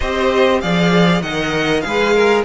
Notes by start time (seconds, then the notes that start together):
0.00 C4 G4 C5 D#5
0.61 F3 G#4 D5 F5
1.21 D#3 A#4 D#5 F#5
1.80 G#3 G#4 F5
1.87 B4
2.14 A#4